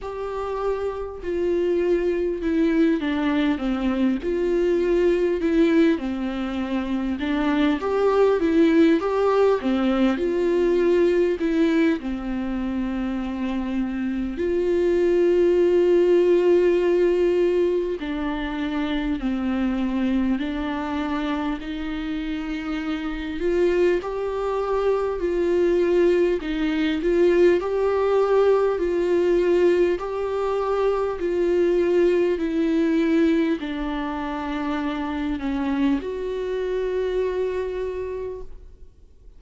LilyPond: \new Staff \with { instrumentName = "viola" } { \time 4/4 \tempo 4 = 50 g'4 f'4 e'8 d'8 c'8 f'8~ | f'8 e'8 c'4 d'8 g'8 e'8 g'8 | c'8 f'4 e'8 c'2 | f'2. d'4 |
c'4 d'4 dis'4. f'8 | g'4 f'4 dis'8 f'8 g'4 | f'4 g'4 f'4 e'4 | d'4. cis'8 fis'2 | }